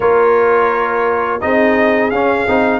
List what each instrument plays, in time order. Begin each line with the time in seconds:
0.00 tuba A#3, trombone F4, horn A#4, trumpet C#5
1.40 tuba C4, trombone D#4, horn G#4, trumpet D#5
2.10 tuba C#4, trombone C#4, trumpet F5
2.47 tuba C4, trombone D#4